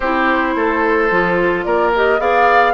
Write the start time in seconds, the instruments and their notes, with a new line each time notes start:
0.00 bassoon C4, clarinet E4, oboe G4, flute C5
0.55 bassoon A3, oboe A4
1.10 bassoon F3, clarinet F4
1.63 bassoon A#3, oboe A#4, flute D5
1.95 clarinet G4, flute D#5
2.19 bassoon B3, clarinet G#4, oboe D5, flute F5